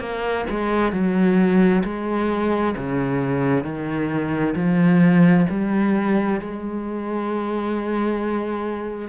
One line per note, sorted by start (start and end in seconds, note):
0.00 0.45 A#3
0.50 0.93 G#3
0.93 1.83 F#3
1.84 2.75 G#3
2.76 3.64 C#3
3.64 4.55 D#3
4.55 5.46 F3
5.50 6.41 G3
6.41 9.09 G#3